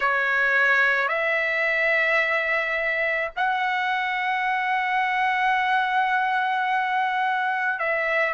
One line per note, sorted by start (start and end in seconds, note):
0.00 1.08 C#5
1.08 3.30 E5
3.36 7.79 F#5
7.79 8.33 E5